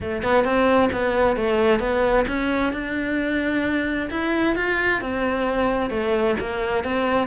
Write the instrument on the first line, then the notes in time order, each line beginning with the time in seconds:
cello
0.00 A3
0.22 B3
0.44 C4
0.92 B3
1.36 A3
1.79 B3
2.27 C#4
2.72 D4
4.10 E4
4.55 F4
5.01 C4
5.90 A3
6.40 A#3
6.83 C4